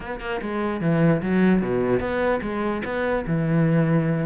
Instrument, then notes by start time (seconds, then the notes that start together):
cello
0.00 B3
0.20 A#3
0.41 G#3
0.81 E3
1.22 F#3
1.61 B2
2.00 B3
2.42 G#3
2.85 B3
3.26 E3